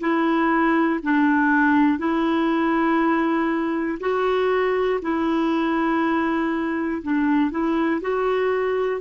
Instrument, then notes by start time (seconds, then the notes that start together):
clarinet
0.00 E4
1.03 D4
1.98 E4
4.00 F#4
5.02 E4
7.03 D4
7.51 E4
8.01 F#4